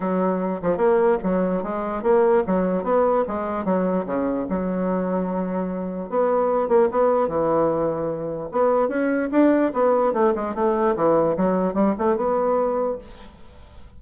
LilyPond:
\new Staff \with { instrumentName = "bassoon" } { \time 4/4 \tempo 4 = 148 fis4. f8 ais4 fis4 | gis4 ais4 fis4 b4 | gis4 fis4 cis4 fis4~ | fis2. b4~ |
b8 ais8 b4 e2~ | e4 b4 cis'4 d'4 | b4 a8 gis8 a4 e4 | fis4 g8 a8 b2 | }